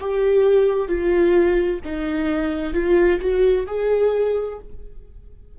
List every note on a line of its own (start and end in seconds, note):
0.00 0.88 G4
0.88 1.80 F4
1.84 2.73 D#4
2.73 3.19 F4
3.20 3.66 F#4
3.66 4.59 G#4